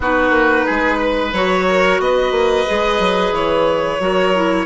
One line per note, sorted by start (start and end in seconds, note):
0.00 0.30 B3
0.00 1.34 D#4
0.00 0.65 F#4
0.00 1.33 B4
0.30 0.63 A#3
0.65 1.32 G#3
0.65 0.97 G#4
0.97 1.64 B4
1.32 1.99 F#3
1.32 2.66 F#4
1.32 2.00 C#5
1.68 2.01 A#4
1.99 2.31 B3
1.99 4.02 B4
1.99 3.34 D#5
2.31 2.64 A#3
2.66 2.99 G#3
2.66 3.99 G#4
2.99 3.31 F#3
3.31 3.98 E3
3.31 4.65 C#5
3.99 4.65 F#3
3.99 4.33 F#4
3.99 4.65 A#4
4.34 4.65 E4